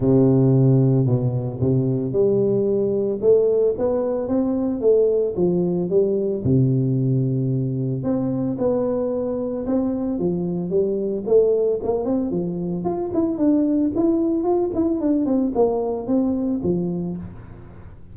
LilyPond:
\new Staff \with { instrumentName = "tuba" } { \time 4/4 \tempo 4 = 112 c2 b,4 c4 | g2 a4 b4 | c'4 a4 f4 g4 | c2. c'4 |
b2 c'4 f4 | g4 a4 ais8 c'8 f4 | f'8 e'8 d'4 e'4 f'8 e'8 | d'8 c'8 ais4 c'4 f4 | }